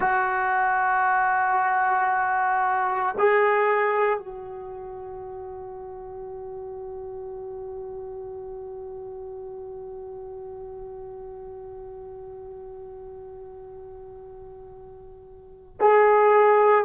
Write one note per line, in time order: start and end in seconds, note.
0.00 3.15 F#4
3.18 4.18 G#4
4.18 15.76 F#4
15.80 16.85 G#4